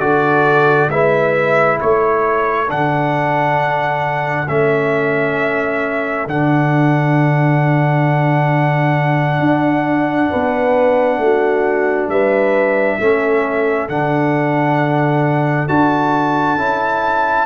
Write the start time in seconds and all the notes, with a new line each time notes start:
0.00 D3 F#4 A4 D5
0.90 G#3 E4 B4 E5
1.81 A3 A4 C#5
2.68 D3 D4 F#5
4.49 A3 C#4 E5
6.27 D3 D4 F#5
9.40 D4
10.31 B3 B4
11.18 A3 F#4
12.09 G3 B4 E5
12.99 A3 C#4 A4
13.89 D3 D4 F#5
15.69 D4 F#4 A5
16.57 C#4 E4